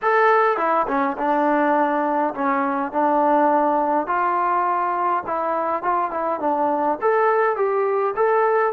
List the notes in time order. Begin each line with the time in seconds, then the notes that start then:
0.02 A4
0.57 E4
0.87 C#4
1.17 D4
2.34 C#4
2.92 D4
4.06 F4
5.26 E4
5.83 F4
6.10 E4
6.39 D4
7.01 A4
7.56 G4
8.16 A4